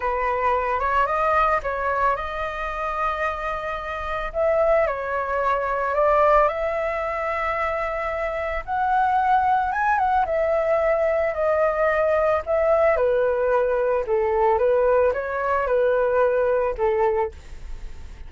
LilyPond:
\new Staff \with { instrumentName = "flute" } { \time 4/4 \tempo 4 = 111 b'4. cis''8 dis''4 cis''4 | dis''1 | e''4 cis''2 d''4 | e''1 |
fis''2 gis''8 fis''8 e''4~ | e''4 dis''2 e''4 | b'2 a'4 b'4 | cis''4 b'2 a'4 | }